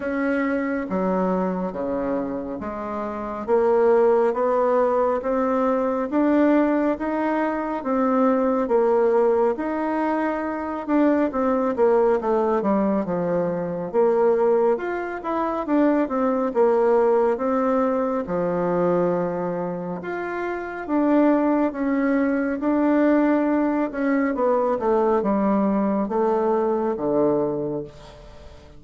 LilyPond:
\new Staff \with { instrumentName = "bassoon" } { \time 4/4 \tempo 4 = 69 cis'4 fis4 cis4 gis4 | ais4 b4 c'4 d'4 | dis'4 c'4 ais4 dis'4~ | dis'8 d'8 c'8 ais8 a8 g8 f4 |
ais4 f'8 e'8 d'8 c'8 ais4 | c'4 f2 f'4 | d'4 cis'4 d'4. cis'8 | b8 a8 g4 a4 d4 | }